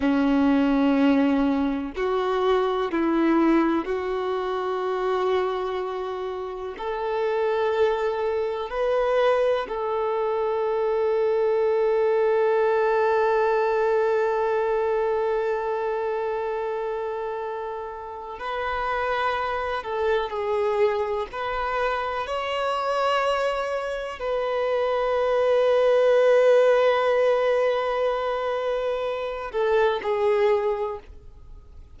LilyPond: \new Staff \with { instrumentName = "violin" } { \time 4/4 \tempo 4 = 62 cis'2 fis'4 e'4 | fis'2. a'4~ | a'4 b'4 a'2~ | a'1~ |
a'2. b'4~ | b'8 a'8 gis'4 b'4 cis''4~ | cis''4 b'2.~ | b'2~ b'8 a'8 gis'4 | }